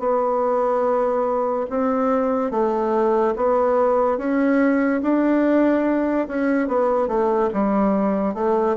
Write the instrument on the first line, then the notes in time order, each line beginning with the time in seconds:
bassoon
0.00 B3
1.70 C4
2.52 A3
3.37 B3
4.18 C#4
5.03 D4
6.28 C#4
6.68 B3
7.08 A3
7.54 G3
8.35 A3